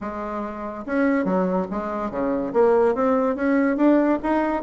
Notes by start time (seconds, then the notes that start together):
0.00 G#3
0.86 C#4
1.24 F#3
1.71 G#3
2.11 C#3
2.53 A#3
2.94 C4
3.35 C#4
3.76 D4
4.22 D#4